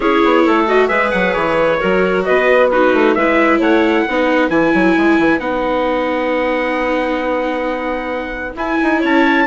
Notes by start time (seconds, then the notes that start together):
0.00 C#4 E4 G#4 C#5
0.24 B3
0.45 A3 A4
0.67 F#4 D#5
0.87 G#3 G#4 B4 E5
1.11 F#3 F#5
1.33 E3 C#5
1.79 F#3 F#4 A#4
2.24 B3 B4 D#5
2.70 D#4 F#4 B4
2.93 A3
3.14 G#3 E4 B4 E5
3.59 A3 C#5 F#5
4.04 B3 D#4 B4
4.49 E3 E4 G#5
4.73 F#3
4.96 G#3
5.18 E3
5.39 B3 D#4 F#5
8.55 E4 G#5
8.83 D#4
8.99 C#4 C#5 A5